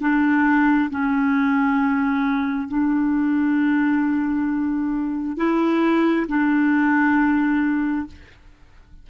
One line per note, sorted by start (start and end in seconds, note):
0.00 0.90 D4
0.90 2.68 C#4
2.68 5.36 D4
5.37 6.26 E4
6.28 8.07 D4